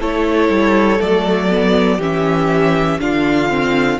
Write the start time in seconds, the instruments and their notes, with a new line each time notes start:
0.00 cello A3, viola E4, violin A4 C#5
0.49 cello G3
0.99 cello F#3, viola A3, violin D5
1.49 viola B3
1.97 cello E3, viola C#4, violin G4 E5
3.00 cello D3, viola D4, violin F4 F5
3.49 viola C4